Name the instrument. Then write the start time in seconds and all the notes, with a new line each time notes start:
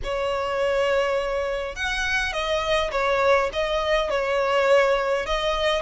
violin
0.03 C#5
1.75 F#5
2.32 D#5
2.91 C#5
3.52 D#5
4.10 C#5
5.26 D#5